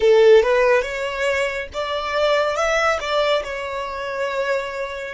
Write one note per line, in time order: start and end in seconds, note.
0.00 0.42 A4
0.42 0.81 B4
0.81 1.67 C#5
1.73 2.56 D5
2.56 2.98 E5
3.00 3.43 D5
3.43 5.14 C#5